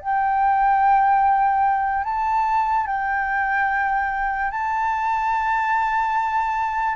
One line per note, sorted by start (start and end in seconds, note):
0.00 2.04 G5
2.04 2.87 A5
2.87 4.51 G5
4.51 6.96 A5